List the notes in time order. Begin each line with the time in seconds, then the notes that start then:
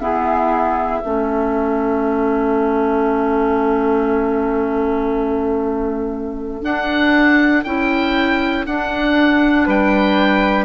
0.00 B3 E4 G#4 E5
1.02 A3 C#4 A4
6.63 D4 F#5
7.64 C#4 E4 G5
8.66 D4 F#5
9.66 G3 B4 G5